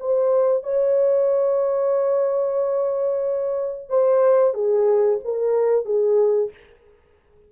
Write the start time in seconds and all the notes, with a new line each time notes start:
0.00 C5
0.63 C#5
3.90 C5
4.54 G#4
5.25 A#4
5.85 G#4